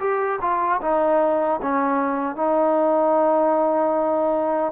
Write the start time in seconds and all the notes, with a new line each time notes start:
0.00 G4
0.42 F4
0.81 D#4
1.63 C#4
2.36 D#4